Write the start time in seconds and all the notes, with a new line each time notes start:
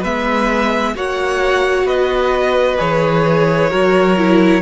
0.00 G#3 B3 B4 E5
0.95 A#3 F#4 C#5 F#5
1.84 B3 B4 D#5
2.78 E3 G#4 C#5
3.70 F#3 F#4 A#4
4.17 E4